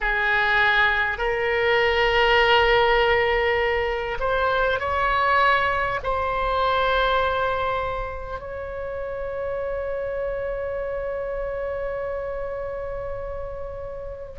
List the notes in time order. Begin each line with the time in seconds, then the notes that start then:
0.01 G#4
1.18 A#4
4.19 C5
4.79 C#5
6.03 C5
8.39 C#5